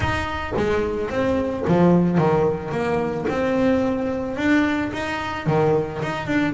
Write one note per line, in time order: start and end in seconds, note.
0.00 0.53 D#4
0.57 1.09 G#3
1.09 1.64 C4
1.67 2.18 F3
2.18 2.71 D#3
2.71 3.26 A#3
3.28 4.36 C4
4.36 4.91 D4
4.93 5.46 D#4
5.46 6.01 D#3
6.02 6.26 D#4
6.26 6.54 D4